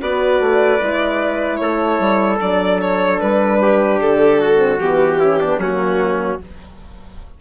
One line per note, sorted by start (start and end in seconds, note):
0.00 0.39 B3
0.00 0.79 F#4
0.00 1.61 B4
0.00 1.56 D5
0.39 0.79 A3
0.79 1.60 G#3
0.79 2.39 E4
1.56 1.99 A3
1.56 3.61 A4
1.56 2.36 C#5
1.99 2.39 G3
2.40 3.21 F#3
2.40 4.56 D4
2.40 2.81 D5
2.81 3.20 C#5
3.20 4.00 G3
3.20 4.00 B4
3.61 4.40 G4
4.00 4.79 D3
4.00 4.79 A4
4.40 5.19 F#4
4.56 4.76 C4
4.79 5.57 E3
4.79 5.20 B3
4.79 5.59 G4
5.19 5.40 C#4
5.19 5.39 E4
5.40 5.60 B3
5.40 5.60 D4
5.57 6.37 F#3
5.57 6.40 A#3
5.57 6.40 C#4
5.57 6.40 F#4